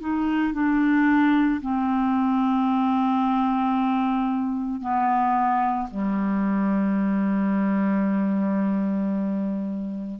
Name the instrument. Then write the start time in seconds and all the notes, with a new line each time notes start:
clarinet
0.00 D#4
0.53 D4
1.61 C4
4.81 B3
5.91 G3